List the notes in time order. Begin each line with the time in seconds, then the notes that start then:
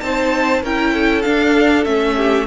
0.00 C4 D#4 C5 A5
0.62 C#4 E4 A#4 G5
0.93 A4
1.22 D4 F5
1.84 A3 C#4 E5
2.16 G4